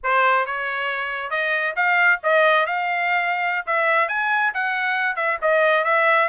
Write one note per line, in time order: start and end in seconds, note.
0.03 0.46 C5
0.46 1.30 C#5
1.30 1.74 D#5
1.75 2.20 F5
2.23 2.66 D#5
2.66 3.65 F5
3.66 4.08 E5
4.08 4.52 G#5
4.54 5.16 F#5
5.16 5.38 E5
5.41 5.84 D#5
5.84 6.28 E5